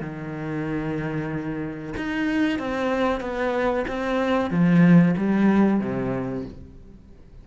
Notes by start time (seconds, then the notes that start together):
0.00 D#3
1.96 D#4
2.59 C4
3.20 B3
3.87 C4
4.50 F3
5.17 G3
5.80 C3